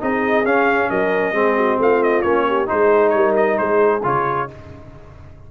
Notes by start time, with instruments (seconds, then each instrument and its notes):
0.00 tuba C4, trombone D#4, horn G#4, trumpet D#5
0.45 tuba C#4, trombone C#4, trumpet F5
0.90 tuba F#3, horn A#4, trumpet D#5
1.33 tuba G#3, trombone C4, horn G#4
1.57 horn F#4
1.79 tuba A3, horn F4, trumpet F5
2.03 trumpet D#5
2.22 tuba A#3, trombone C#4, trumpet C#5
2.48 horn G4
2.66 tuba G#3, trombone D#4, horn G#4, trumpet C5
3.10 tuba G3, trumpet C#5
3.17 horn A#4
3.36 trumpet D#5
3.58 tuba G#3, horn G#4, trumpet C5
4.03 tuba C#3, trombone F4, trumpet C#5